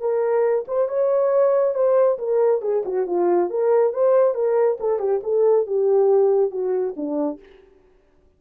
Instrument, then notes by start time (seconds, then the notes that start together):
horn
0.00 A#4
0.68 C5
0.89 C#5
1.75 C5
2.19 A#4
2.62 G#4
2.86 F#4
3.07 F4
3.50 A#4
3.93 C5
4.35 A#4
4.80 A4
4.99 G4
5.24 A4
5.66 G4
6.51 F#4
6.96 D4